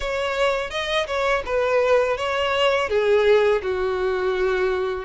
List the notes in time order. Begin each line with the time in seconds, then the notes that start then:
0.00 C#5
0.70 D#5
1.06 C#5
1.45 B4
2.17 C#5
2.89 G#4
3.62 F#4